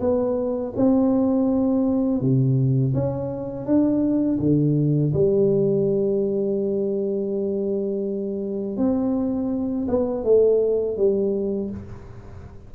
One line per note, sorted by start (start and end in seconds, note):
0.00 0.73 B3
0.76 2.21 C4
2.21 2.94 C3
2.94 3.66 C#4
3.66 4.39 D4
4.39 5.13 D3
5.13 8.77 G3
8.77 9.87 C4
9.87 10.24 B3
10.24 10.97 A3
10.97 11.70 G3